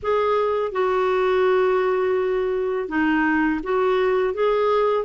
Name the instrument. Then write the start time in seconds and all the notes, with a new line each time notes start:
clarinet
0.02 G#4
0.72 F#4
2.88 D#4
3.63 F#4
4.33 G#4